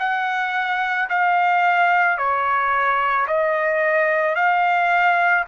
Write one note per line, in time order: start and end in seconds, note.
0.00 1.09 F#5
1.10 2.18 F5
2.18 3.27 C#5
3.28 4.36 D#5
4.36 5.45 F5